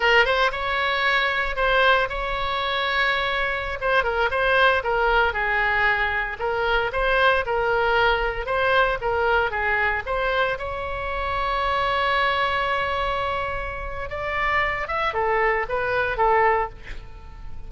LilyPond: \new Staff \with { instrumentName = "oboe" } { \time 4/4 \tempo 4 = 115 ais'8 c''8 cis''2 c''4 | cis''2.~ cis''16 c''8 ais'16~ | ais'16 c''4 ais'4 gis'4.~ gis'16~ | gis'16 ais'4 c''4 ais'4.~ ais'16~ |
ais'16 c''4 ais'4 gis'4 c''8.~ | c''16 cis''2.~ cis''8.~ | cis''2. d''4~ | d''8 e''8 a'4 b'4 a'4 | }